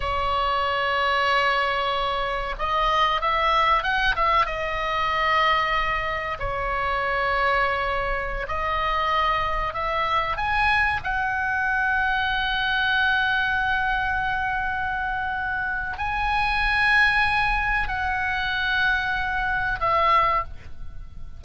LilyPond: \new Staff \with { instrumentName = "oboe" } { \time 4/4 \tempo 4 = 94 cis''1 | dis''4 e''4 fis''8 e''8 dis''4~ | dis''2 cis''2~ | cis''4~ cis''16 dis''2 e''8.~ |
e''16 gis''4 fis''2~ fis''8.~ | fis''1~ | fis''4 gis''2. | fis''2. e''4 | }